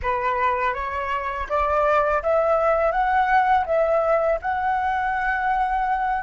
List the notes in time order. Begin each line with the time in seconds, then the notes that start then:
0.02 B4
0.74 C#5
1.49 D5
2.23 E5
2.91 F#5
3.66 E5
4.41 F#5